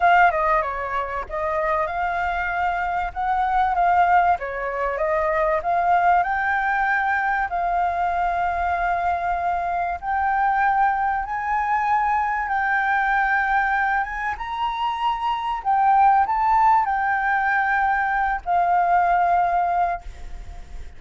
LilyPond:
\new Staff \with { instrumentName = "flute" } { \time 4/4 \tempo 4 = 96 f''8 dis''8 cis''4 dis''4 f''4~ | f''4 fis''4 f''4 cis''4 | dis''4 f''4 g''2 | f''1 |
g''2 gis''2 | g''2~ g''8 gis''8 ais''4~ | ais''4 g''4 a''4 g''4~ | g''4. f''2~ f''8 | }